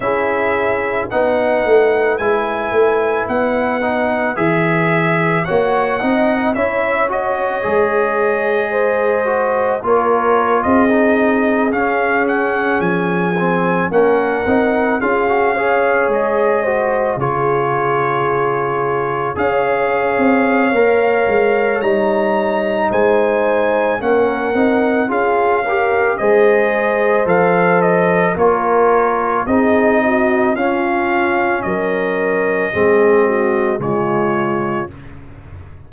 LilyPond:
<<
  \new Staff \with { instrumentName = "trumpet" } { \time 4/4 \tempo 4 = 55 e''4 fis''4 gis''4 fis''4 | e''4 fis''4 e''8 dis''4.~ | dis''4 cis''8. dis''4 f''8 fis''8 gis''16~ | gis''8. fis''4 f''4 dis''4 cis''16~ |
cis''4.~ cis''16 f''2~ f''16 | ais''4 gis''4 fis''4 f''4 | dis''4 f''8 dis''8 cis''4 dis''4 | f''4 dis''2 cis''4 | }
  \new Staff \with { instrumentName = "horn" } { \time 4/4 gis'4 b'2.~ | b'4 cis''8 dis''8 cis''2 | c''4 ais'8. gis'2~ gis'16~ | gis'8. ais'4 gis'8 cis''4 c''8 gis'16~ |
gis'4.~ gis'16 cis''2~ cis''16~ | cis''4 c''4 ais'4 gis'8 ais'8 | c''2 ais'4 gis'8 fis'8 | f'4 ais'4 gis'8 fis'8 f'4 | }
  \new Staff \with { instrumentName = "trombone" } { \time 4/4 e'4 dis'4 e'4. dis'8 | gis'4 fis'8 dis'8 e'8 fis'8 gis'4~ | gis'8 fis'8 f'4 dis'8. cis'4~ cis'16~ | cis'16 c'8 cis'8 dis'8 f'16 fis'16 gis'4 fis'8 f'16~ |
f'4.~ f'16 gis'4~ gis'16 ais'4 | dis'2 cis'8 dis'8 f'8 g'8 | gis'4 a'4 f'4 dis'4 | cis'2 c'4 gis4 | }
  \new Staff \with { instrumentName = "tuba" } { \time 4/4 cis'4 b8 a8 gis8 a8 b4 | e4 ais8 c'8 cis'4 gis4~ | gis4 ais8. c'4 cis'4 f16~ | f8. ais8 c'8 cis'4 gis4 cis16~ |
cis4.~ cis16 cis'8. c'8 ais8 gis8 | g4 gis4 ais8 c'8 cis'4 | gis4 f4 ais4 c'4 | cis'4 fis4 gis4 cis4 | }
>>